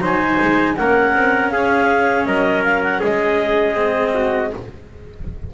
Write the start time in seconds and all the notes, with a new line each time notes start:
0.00 F#3 D#4 C5 G#5
0.42 G#3
0.76 A#3 C#4 A#4 F#5
1.14 C4
1.50 C#4 G#4 F5
2.25 F#3 A#4 D#5
2.64 F5
2.83 F#5
3.00 G#3 G#4 D#5
3.75 C4
4.14 F#4